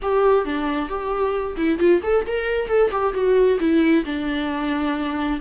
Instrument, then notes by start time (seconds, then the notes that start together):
viola
0.01 G4
0.45 D4
0.88 G4
1.56 E4
1.78 F4
2.02 A4
2.26 A#4
2.67 A4
2.91 G4
3.13 F#4
3.59 E4
4.05 D4